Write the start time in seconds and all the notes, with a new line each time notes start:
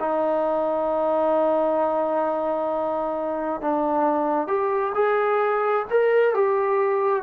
0.00 D#4
3.61 D4
4.48 G4
4.95 G#4
5.90 A#4
6.35 G4